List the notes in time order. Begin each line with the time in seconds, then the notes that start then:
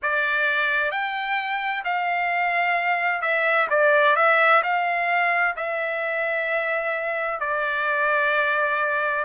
0.02 D5
0.91 G5
1.84 F5
3.21 E5
3.69 D5
4.16 E5
4.63 F5
5.56 E5
7.40 D5